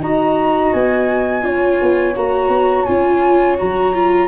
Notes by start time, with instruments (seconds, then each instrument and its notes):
0.00 tuba D#4, viola F#4, horn D#5, flute A#5
0.73 tuba B3, flute G#5
1.42 tuba C#4, viola F4, horn C#5
1.82 tuba B3
2.16 tuba A#3, viola F#4, flute A#5
2.48 tuba B3
2.84 tuba C#4, viola F4, flute G#5
3.58 tuba F#3, viola F#4, flute A#5
3.94 viola F4